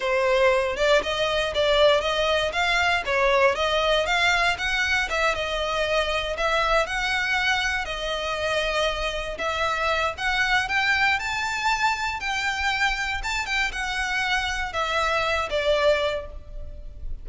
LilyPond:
\new Staff \with { instrumentName = "violin" } { \time 4/4 \tempo 4 = 118 c''4. d''8 dis''4 d''4 | dis''4 f''4 cis''4 dis''4 | f''4 fis''4 e''8 dis''4.~ | dis''8 e''4 fis''2 dis''8~ |
dis''2~ dis''8 e''4. | fis''4 g''4 a''2 | g''2 a''8 g''8 fis''4~ | fis''4 e''4. d''4. | }